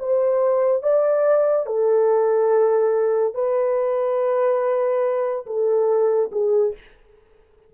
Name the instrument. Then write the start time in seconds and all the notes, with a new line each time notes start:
horn
0.00 C5
0.83 D5
1.67 A4
3.35 B4
5.47 A4
6.32 G#4